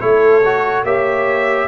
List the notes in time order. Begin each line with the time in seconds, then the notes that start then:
0.00 A3 E4 A4 C#5
0.45 F#4
0.83 A#3 G4 C#5 E5